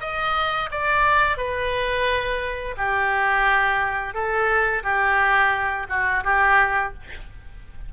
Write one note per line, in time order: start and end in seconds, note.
0.00 0.69 D#5
0.71 1.37 D5
1.37 2.75 B4
2.77 4.13 G4
4.13 4.82 A4
4.83 5.87 G4
5.89 6.24 F#4
6.24 6.92 G4